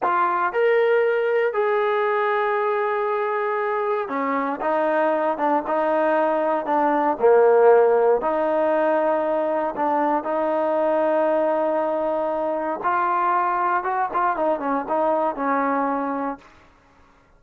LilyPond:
\new Staff \with { instrumentName = "trombone" } { \time 4/4 \tempo 4 = 117 f'4 ais'2 gis'4~ | gis'1 | cis'4 dis'4. d'8 dis'4~ | dis'4 d'4 ais2 |
dis'2. d'4 | dis'1~ | dis'4 f'2 fis'8 f'8 | dis'8 cis'8 dis'4 cis'2 | }